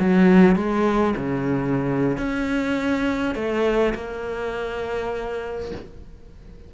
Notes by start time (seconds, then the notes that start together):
0.00 F#3
0.56 G#3
1.17 C#3
2.17 C#4
3.35 A3
3.95 A#3